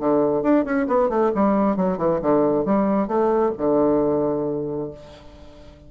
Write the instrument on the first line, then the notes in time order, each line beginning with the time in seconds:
bassoon
0.00 D3
0.43 D4
0.65 C#4
0.88 B3
1.10 A3
1.35 G3
1.77 F#3
1.98 E3
2.22 D3
2.66 G3
3.08 A3
3.58 D3